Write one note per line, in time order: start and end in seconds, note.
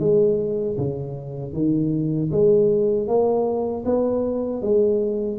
0.00 0.77 G#3
0.78 1.53 C#3
1.53 2.30 D#3
2.31 3.08 G#3
3.08 3.85 A#3
3.85 4.62 B3
4.62 5.38 G#3